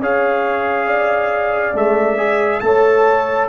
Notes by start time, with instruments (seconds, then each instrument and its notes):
0.00 tuba C#4, trombone G#4, horn C#5, trumpet F5
0.87 horn D5
1.74 tuba G#3, trombone A3, trumpet E5
2.18 trombone G#4
2.60 tuba A3, trombone A4, horn C#5, trumpet A5